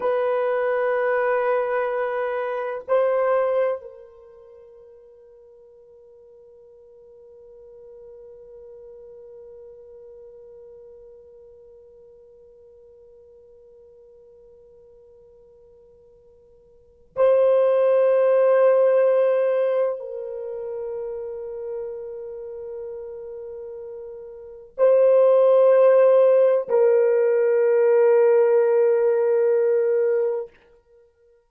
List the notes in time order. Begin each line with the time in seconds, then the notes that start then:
0.00 B4
2.87 C5
3.81 A#4
17.16 C5
19.99 A#4
24.77 C5
26.68 A#4